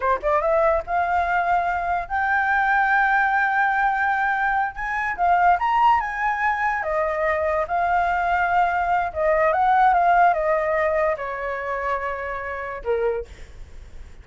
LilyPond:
\new Staff \with { instrumentName = "flute" } { \time 4/4 \tempo 4 = 145 c''8 d''8 e''4 f''2~ | f''4 g''2.~ | g''2.~ g''8 gis''8~ | gis''8 f''4 ais''4 gis''4.~ |
gis''8 dis''2 f''4.~ | f''2 dis''4 fis''4 | f''4 dis''2 cis''4~ | cis''2. ais'4 | }